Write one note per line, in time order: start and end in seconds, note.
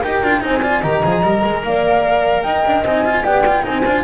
0.00 0.22 D#4
0.00 0.23 G4
0.00 0.40 A#4
0.00 0.43 G5
0.22 0.43 D4
0.22 0.40 F4
0.40 0.83 C4
0.40 0.60 D#4
0.40 0.62 C5
0.40 0.82 G#5
0.62 0.82 F4
0.62 0.81 D5
0.81 1.03 D#3
0.81 1.03 G4
0.81 1.61 D#5
0.81 1.62 A#5
1.03 1.22 F3
1.03 1.23 G#4
1.22 1.42 G3
1.22 2.84 A#4
1.44 1.62 G#3
1.62 2.43 A#3
1.62 2.43 D5
1.62 2.42 F5
2.42 2.64 D#4
2.42 3.23 D#5
2.42 2.82 G5
2.66 2.82 D4
2.82 3.22 C4
2.82 3.04 D#4
2.82 3.24 G#5
3.04 3.23 F4
3.23 3.65 B3
3.23 3.43 G4
3.23 3.63 D5
3.23 3.64 G5
3.46 3.62 F4
3.62 3.85 C4
3.62 3.82 D#4
3.62 4.04 C5
3.62 4.04 G#5
3.85 4.04 D4
3.85 4.04 F4